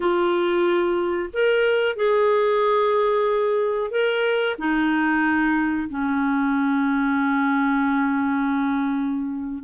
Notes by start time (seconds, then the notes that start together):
0.00 F4
1.33 A#4
1.96 G#4
3.90 A#4
4.58 D#4
5.89 C#4